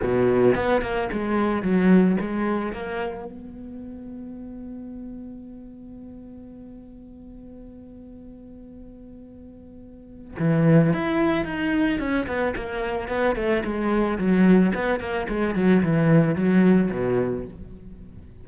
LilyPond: \new Staff \with { instrumentName = "cello" } { \time 4/4 \tempo 4 = 110 b,4 b8 ais8 gis4 fis4 | gis4 ais4 b2~ | b1~ | b1~ |
b2. e4 | e'4 dis'4 cis'8 b8 ais4 | b8 a8 gis4 fis4 b8 ais8 | gis8 fis8 e4 fis4 b,4 | }